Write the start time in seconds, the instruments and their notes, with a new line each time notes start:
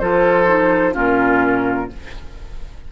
0.00 bassoon F3, clarinet F4, oboe A4, flute C5
0.47 clarinet D#4
0.93 bassoon A#2, clarinet C#4, oboe F4, flute A#4